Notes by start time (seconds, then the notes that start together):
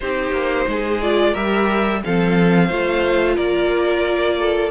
0.00 C4 D#4 G4 C5
0.31 A#3
0.67 G#3 G#4
1.01 F4 D5
1.32 G3 G4 A#4 E5
2.04 F3 C4 A4 F5
2.67 A3 F4 C5
3.34 A#3 A#4 D5
4.39 A4